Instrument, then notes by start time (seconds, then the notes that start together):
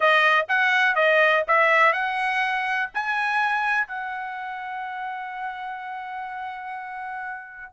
trumpet
0.00 D#5
0.48 F#5
0.95 D#5
1.47 E5
1.92 F#5
2.94 G#5
3.87 F#5